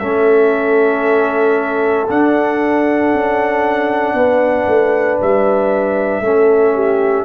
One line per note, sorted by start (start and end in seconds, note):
0.00 2.09 A3
0.00 2.07 C#4
0.00 4.14 A4
0.00 2.07 E5
2.09 3.13 D4
2.09 6.23 D4
2.09 5.20 F#5
3.14 4.14 C#4
4.14 4.66 B3
4.14 6.24 B4
4.67 5.19 A3
5.22 6.21 G3
5.22 7.25 E5
6.21 7.24 A3
6.21 7.25 C#4
6.21 6.75 A4
6.75 7.25 G4